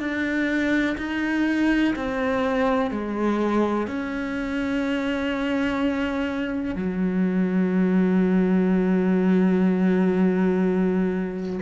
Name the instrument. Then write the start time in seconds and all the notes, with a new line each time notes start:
cello
0.00 D4
0.98 D#4
1.96 C4
2.91 G#3
3.88 C#4
6.76 F#3